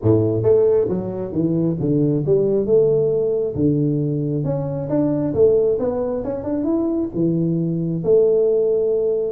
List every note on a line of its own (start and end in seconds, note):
0.02 0.43 A2
0.43 0.87 A3
0.88 1.32 F#3
1.32 1.76 E3
1.80 2.24 D3
2.26 2.65 G3
2.65 3.54 A3
3.55 4.44 D3
4.44 4.88 C#4
4.89 5.33 D4
5.34 5.78 A3
5.79 6.23 B3
6.23 6.43 C#4
6.43 6.64 D4
6.64 7.08 E4
7.14 8.03 E3
8.03 9.32 A3